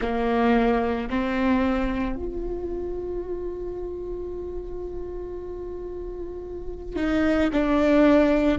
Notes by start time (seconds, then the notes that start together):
0.01 A#3
1.09 C4
2.16 F4
6.96 D#4
7.52 D4